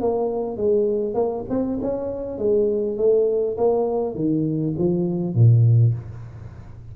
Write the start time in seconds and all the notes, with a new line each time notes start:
0.00 A#3
0.57 G#3
1.14 A#3
1.49 C4
1.81 C#4
2.38 G#3
2.97 A3
3.57 A#3
4.15 D#3
4.78 F3
5.34 A#2